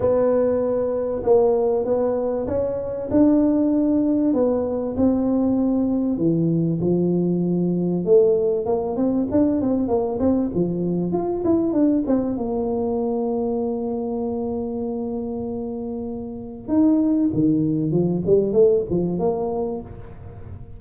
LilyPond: \new Staff \with { instrumentName = "tuba" } { \time 4/4 \tempo 4 = 97 b2 ais4 b4 | cis'4 d'2 b4 | c'2 e4 f4~ | f4 a4 ais8 c'8 d'8 c'8 |
ais8 c'8 f4 f'8 e'8 d'8 c'8 | ais1~ | ais2. dis'4 | dis4 f8 g8 a8 f8 ais4 | }